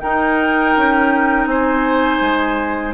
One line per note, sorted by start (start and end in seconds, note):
0.00 2.94 D#4
0.00 0.75 D#4
0.00 1.49 A#4
0.00 1.46 G5
0.77 1.46 C#4
1.46 2.19 C4
1.46 2.94 C5
1.46 2.94 G#5
2.21 2.94 G#3